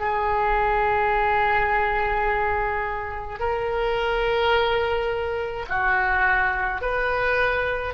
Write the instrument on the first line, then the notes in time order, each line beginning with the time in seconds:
oboe
0.00 G#4
3.40 A#4
5.69 F#4
6.81 B4